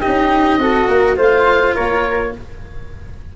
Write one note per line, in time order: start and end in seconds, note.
0.00 0.60 D#4
0.00 0.58 G4
0.00 1.16 D#5
0.06 0.58 C#4
0.58 0.87 C4
0.58 1.16 F#4
0.58 0.88 A4
0.88 1.17 A#3
0.88 1.16 A#4
1.16 1.75 A3
1.16 2.32 F4
1.16 1.74 C5
1.16 1.75 F5
1.74 2.36 A#3
1.74 2.32 A#4
1.74 2.33 C#5